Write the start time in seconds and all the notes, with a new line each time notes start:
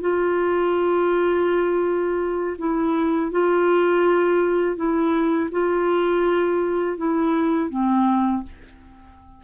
0.00 F4
2.58 E4
3.31 F4
4.76 E4
5.51 F4
6.97 E4
7.69 C4